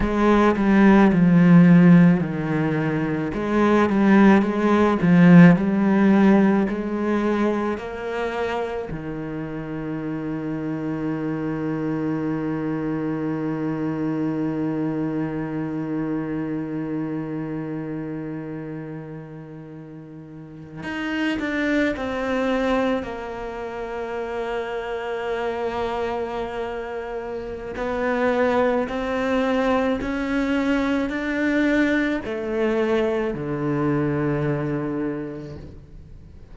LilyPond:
\new Staff \with { instrumentName = "cello" } { \time 4/4 \tempo 4 = 54 gis8 g8 f4 dis4 gis8 g8 | gis8 f8 g4 gis4 ais4 | dis1~ | dis1~ |
dis2~ dis8. dis'8 d'8 c'16~ | c'8. ais2.~ ais16~ | ais4 b4 c'4 cis'4 | d'4 a4 d2 | }